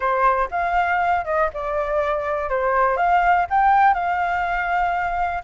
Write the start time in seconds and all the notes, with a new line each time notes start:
0.00 C5
0.50 F5
1.24 D#5
1.53 D5
2.49 C5
2.97 F5
3.50 G5
3.94 F5